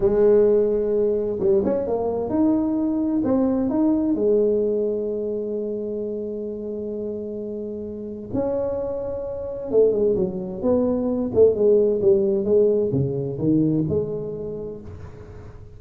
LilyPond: \new Staff \with { instrumentName = "tuba" } { \time 4/4 \tempo 4 = 130 gis2. g8 cis'8 | ais4 dis'2 c'4 | dis'4 gis2.~ | gis1~ |
gis2 cis'2~ | cis'4 a8 gis8 fis4 b4~ | b8 a8 gis4 g4 gis4 | cis4 dis4 gis2 | }